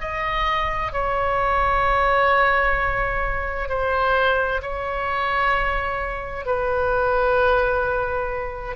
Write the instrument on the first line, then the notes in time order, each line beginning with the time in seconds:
oboe
0.00 D#5
0.92 C#5
3.68 C5
4.62 C#5
6.45 B4